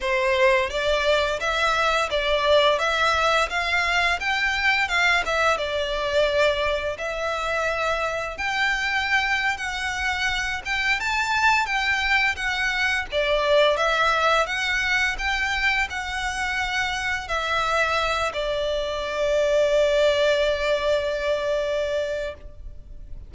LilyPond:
\new Staff \with { instrumentName = "violin" } { \time 4/4 \tempo 4 = 86 c''4 d''4 e''4 d''4 | e''4 f''4 g''4 f''8 e''8 | d''2 e''2 | g''4.~ g''16 fis''4. g''8 a''16~ |
a''8. g''4 fis''4 d''4 e''16~ | e''8. fis''4 g''4 fis''4~ fis''16~ | fis''8. e''4. d''4.~ d''16~ | d''1 | }